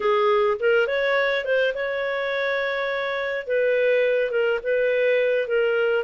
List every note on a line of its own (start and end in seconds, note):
0.00 0.57 G#4
0.59 0.87 A#4
0.87 1.44 C#5
1.44 1.73 C5
1.74 3.46 C#5
3.46 4.31 B4
4.31 4.59 A#4
4.63 5.47 B4
5.47 6.04 A#4